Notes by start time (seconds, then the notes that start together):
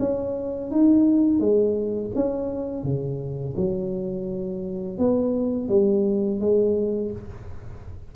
0.00 C#4
0.72 D#4
1.40 G#3
2.16 C#4
2.84 C#3
3.57 F#3
4.99 B3
5.69 G3
6.41 G#3